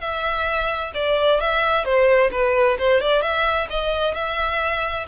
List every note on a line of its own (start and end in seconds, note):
0.00 0.92 E5
0.94 1.40 D5
1.40 1.84 E5
1.84 2.30 C5
2.32 2.77 B4
2.78 3.00 C5
3.00 3.22 D5
3.22 3.67 E5
3.70 4.14 D#5
4.14 5.06 E5